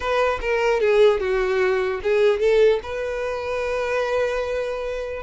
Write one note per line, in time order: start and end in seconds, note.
0.00 0.39 B4
0.41 0.80 A#4
0.80 1.20 G#4
1.20 2.00 F#4
2.02 2.39 G#4
2.39 2.79 A4
2.82 5.22 B4